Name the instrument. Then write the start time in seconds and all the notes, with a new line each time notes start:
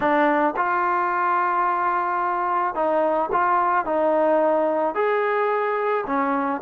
trombone
0.00 D4
0.56 F4
2.74 D#4
3.32 F4
3.85 D#4
4.94 G#4
6.06 C#4